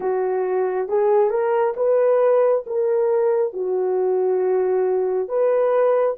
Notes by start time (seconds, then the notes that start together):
0.00 F#4
0.88 G#4
1.30 A#4
1.76 B4
2.66 A#4
3.53 F#4
5.28 B4